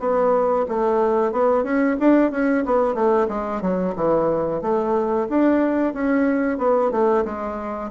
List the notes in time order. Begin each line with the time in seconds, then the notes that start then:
0.00 B3
0.69 A3
1.32 B3
1.64 C#4
2.00 D4
2.32 C#4
2.66 B3
2.95 A3
3.29 G#3
3.62 F#3
3.96 E3
4.62 A3
5.30 D4
5.94 C#4
6.59 B3
6.92 A3
7.25 G#3